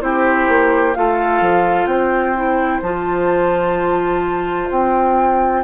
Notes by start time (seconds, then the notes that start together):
0.00 C4 E4 G4 C5
0.48 A#3
0.94 A3 F4 A4 F5
1.41 F3
1.86 C4 C5 G5
2.36 E4
2.82 F3 F4 A5
4.71 C4 G5